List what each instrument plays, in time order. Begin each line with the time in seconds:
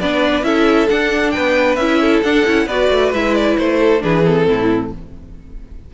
0.00 cello B3, viola D4, violin B4 D5
0.42 cello C#4, viola E4, violin A4 E5
0.88 viola D4, cello D4, violin F#5
1.31 violin B4 G5
1.37 cello B3
1.75 cello C#4, viola E4, violin E5
2.01 violin A4
2.23 cello D4, viola D4, violin F#5
2.45 cello C#4, viola E4
2.66 cello B3, viola F#4, violin B4 D5
2.90 cello A3
3.12 cello G#3, viola E4, violin E5
3.34 violin D5
3.57 cello A3, violin C5
3.79 violin A4
4.00 cello E3, viola D4, violin G#4 B4
4.24 viola C4, violin A4
4.47 cello A2, violin E4